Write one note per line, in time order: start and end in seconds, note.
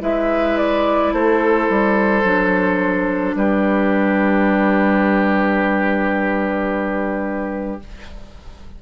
0.00 1.12 G#3
0.00 2.22 E4
0.00 1.13 B4
0.00 0.57 E5
0.57 1.12 D5
1.12 1.68 A3
1.12 3.35 A4
1.12 3.35 C5
1.69 2.23 G3
2.23 3.34 F#3
2.23 7.79 D4
3.34 7.79 G3
3.34 7.82 G4
3.34 7.80 B4